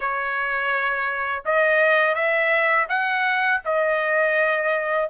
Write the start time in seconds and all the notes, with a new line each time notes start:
0.00 C#5
1.45 D#5
2.14 E5
2.88 F#5
3.64 D#5